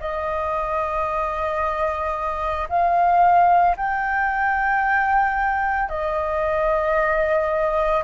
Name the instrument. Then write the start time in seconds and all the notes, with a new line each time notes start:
flute
0.00 D#5
2.69 F5
3.76 G5
5.89 D#5